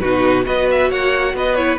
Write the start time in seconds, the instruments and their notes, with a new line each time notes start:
0.00 cello B2, viola D#4, violin F#4 B4
0.44 cello B3, viola F#4, violin B4 D#5
0.71 violin E5
0.90 cello A#3, violin C#5 F#5
1.34 cello B3, violin B4 D#5
1.56 viola E4, violin C#5